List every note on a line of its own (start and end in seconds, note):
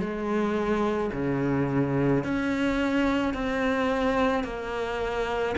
0.00 1.11 G#3
1.13 2.24 C#3
2.24 3.34 C#4
3.34 4.44 C4
4.44 5.55 A#3